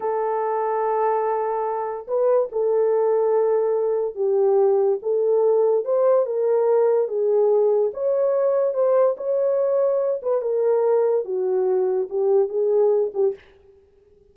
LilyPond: \new Staff \with { instrumentName = "horn" } { \time 4/4 \tempo 4 = 144 a'1~ | a'4 b'4 a'2~ | a'2 g'2 | a'2 c''4 ais'4~ |
ais'4 gis'2 cis''4~ | cis''4 c''4 cis''2~ | cis''8 b'8 ais'2 fis'4~ | fis'4 g'4 gis'4. g'8 | }